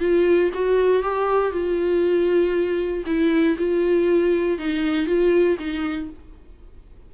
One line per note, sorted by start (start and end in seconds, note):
0.00 0.51 F4
0.54 1.03 F#4
1.03 1.52 G4
1.52 3.04 F4
3.06 3.57 E4
3.58 4.59 F4
4.59 5.07 D#4
5.07 5.58 F4
5.59 6.10 D#4